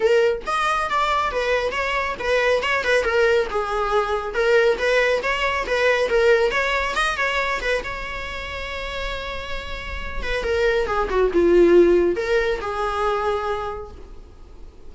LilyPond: \new Staff \with { instrumentName = "viola" } { \time 4/4 \tempo 4 = 138 ais'4 dis''4 d''4 b'4 | cis''4 b'4 cis''8 b'8 ais'4 | gis'2 ais'4 b'4 | cis''4 b'4 ais'4 cis''4 |
dis''8 cis''4 b'8 cis''2~ | cis''2.~ cis''8 b'8 | ais'4 gis'8 fis'8 f'2 | ais'4 gis'2. | }